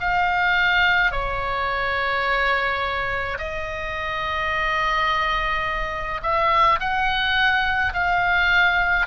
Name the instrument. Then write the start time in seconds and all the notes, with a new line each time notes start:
oboe
0.00 F5
1.12 C#5
3.38 D#5
6.23 E5
6.80 F#5
7.93 F5